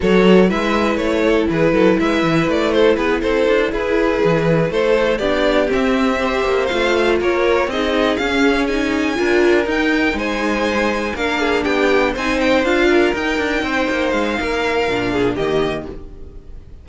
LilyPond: <<
  \new Staff \with { instrumentName = "violin" } { \time 4/4 \tempo 4 = 121 cis''4 e''4 cis''4 b'4 | e''4 d''8 c''8 b'8 c''4 b'8~ | b'4. c''4 d''4 e''8~ | e''4. f''4 cis''4 dis''8~ |
dis''8 f''4 gis''2 g''8~ | g''8 gis''2 f''4 g''8~ | g''8 gis''8 g''8 f''4 g''4.~ | g''8 f''2~ f''8 dis''4 | }
  \new Staff \with { instrumentName = "violin" } { \time 4/4 a'4 b'4. a'8 gis'8 a'8 | b'4. a'8 gis'8 a'4 gis'8~ | gis'4. a'4 g'4.~ | g'8 c''2 ais'4 gis'8~ |
gis'2~ gis'8 ais'4.~ | ais'8 c''2 ais'8 gis'8 g'8~ | g'8 c''4. ais'4. c''8~ | c''4 ais'4. gis'8 g'4 | }
  \new Staff \with { instrumentName = "viola" } { \time 4/4 fis'4 e'2.~ | e'1~ | e'2~ e'8 d'4 c'8~ | c'8 g'4 f'2 dis'8~ |
dis'8 cis'4 dis'4 f'4 dis'8~ | dis'2~ dis'8 d'4.~ | d'8 dis'4 f'4 dis'4.~ | dis'2 d'4 ais4 | }
  \new Staff \with { instrumentName = "cello" } { \time 4/4 fis4 gis4 a4 e8 fis8 | gis8 e8 a4 b8 c'8 d'8 e'8~ | e'8 e4 a4 b4 c'8~ | c'4 ais8 a4 ais4 c'8~ |
c'8 cis'2 d'4 dis'8~ | dis'8 gis2 ais4 b8~ | b8 c'4 d'4 dis'8 d'8 c'8 | ais8 gis8 ais4 ais,4 dis4 | }
>>